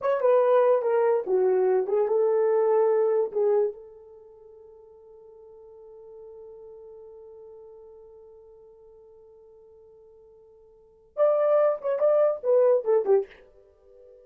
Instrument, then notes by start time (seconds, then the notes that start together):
horn
0.01 C#5
0.21 B4
0.81 A#4
1.26 F#4
1.87 G#4
2.07 A4
3.32 G#4
3.72 A4
11.16 D5
11.81 C#5
11.99 D5
12.43 B4
12.84 A4
13.05 G4